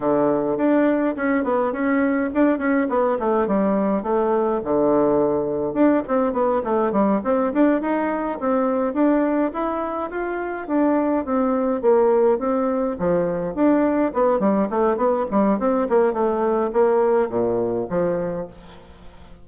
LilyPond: \new Staff \with { instrumentName = "bassoon" } { \time 4/4 \tempo 4 = 104 d4 d'4 cis'8 b8 cis'4 | d'8 cis'8 b8 a8 g4 a4 | d2 d'8 c'8 b8 a8 | g8 c'8 d'8 dis'4 c'4 d'8~ |
d'8 e'4 f'4 d'4 c'8~ | c'8 ais4 c'4 f4 d'8~ | d'8 b8 g8 a8 b8 g8 c'8 ais8 | a4 ais4 ais,4 f4 | }